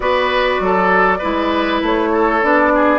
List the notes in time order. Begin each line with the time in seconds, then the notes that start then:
0.00 B3 F#4 B4 D5
0.60 F#3 A4
1.18 G#3 E4 B4
1.81 A3 C#5
2.11 A4
2.42 B3 D4 D5
2.74 G#4